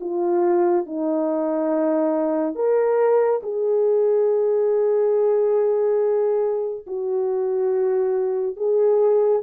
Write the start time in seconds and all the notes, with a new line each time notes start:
0.00 F4
0.86 D#4
2.55 A#4
3.42 G#4
6.86 F#4
8.56 G#4